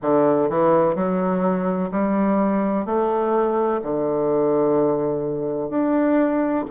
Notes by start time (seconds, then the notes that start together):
0.02 D3
0.49 E3
0.95 F#3
1.91 G3
2.85 A3
3.82 D3
5.69 D4